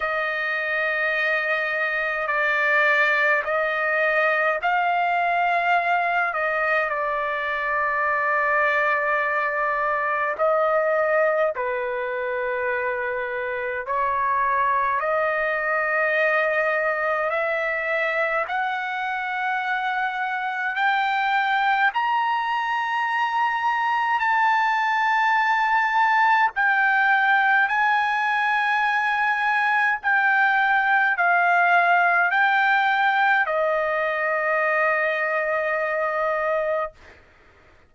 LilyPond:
\new Staff \with { instrumentName = "trumpet" } { \time 4/4 \tempo 4 = 52 dis''2 d''4 dis''4 | f''4. dis''8 d''2~ | d''4 dis''4 b'2 | cis''4 dis''2 e''4 |
fis''2 g''4 ais''4~ | ais''4 a''2 g''4 | gis''2 g''4 f''4 | g''4 dis''2. | }